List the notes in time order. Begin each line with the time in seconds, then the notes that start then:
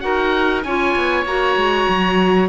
0.00 D#4 F#4 A#4 F#5
0.63 C#4 F4 C#5 G#5
0.96 B3
1.25 A#3 F#4 A#5
1.56 G#3
1.88 F#3